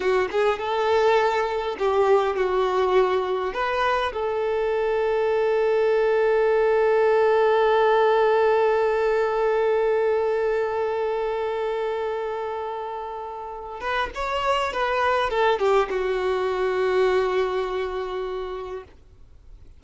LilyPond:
\new Staff \with { instrumentName = "violin" } { \time 4/4 \tempo 4 = 102 fis'8 gis'8 a'2 g'4 | fis'2 b'4 a'4~ | a'1~ | a'1~ |
a'1~ | a'2.~ a'8 b'8 | cis''4 b'4 a'8 g'8 fis'4~ | fis'1 | }